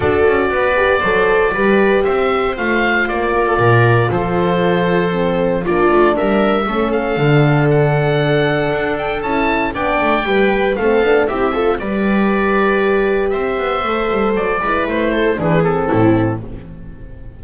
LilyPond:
<<
  \new Staff \with { instrumentName = "oboe" } { \time 4/4 \tempo 4 = 117 d''1 | e''4 f''4 d''2 | c''2. d''4 | e''4. f''4. fis''4~ |
fis''4. g''8 a''4 g''4~ | g''4 f''4 e''4 d''4~ | d''2 e''2 | d''4 c''4 b'8 a'4. | }
  \new Staff \with { instrumentName = "viola" } { \time 4/4 a'4 b'4 c''4 b'4 | c''2~ c''8 ais'16 a'16 ais'4 | a'2. f'4 | ais'4 a'2.~ |
a'2. d''4 | b'4 a'4 g'8 a'8 b'4~ | b'2 c''2~ | c''8 b'4 a'8 gis'4 e'4 | }
  \new Staff \with { instrumentName = "horn" } { \time 4/4 fis'4. g'8 a'4 g'4~ | g'4 f'2.~ | f'2 c'4 d'4~ | d'4 cis'4 d'2~ |
d'2 e'4 d'4 | g'4 c'8 d'8 e'8 f'8 g'4~ | g'2. a'4~ | a'8 e'4. d'8 c'4. | }
  \new Staff \with { instrumentName = "double bass" } { \time 4/4 d'8 cis'8 b4 fis4 g4 | c'4 a4 ais4 ais,4 | f2. ais8 a8 | g4 a4 d2~ |
d4 d'4 cis'4 b8 a8 | g4 a8 b8 c'4 g4~ | g2 c'8 b8 a8 g8 | fis8 gis8 a4 e4 a,4 | }
>>